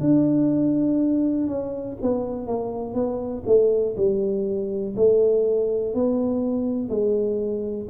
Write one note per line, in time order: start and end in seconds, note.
0.00 1.48 D4
1.48 1.97 C#4
2.02 2.47 B3
2.47 2.94 A#3
2.94 3.43 B3
3.46 3.95 A3
3.97 4.95 G3
4.96 5.94 A3
5.94 6.89 B3
6.89 7.87 G#3